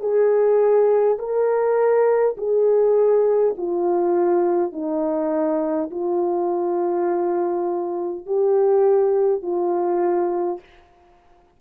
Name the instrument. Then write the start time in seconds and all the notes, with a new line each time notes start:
horn
0.00 G#4
1.19 A#4
2.37 G#4
3.57 F4
4.72 D#4
5.90 F4
8.26 G4
9.42 F4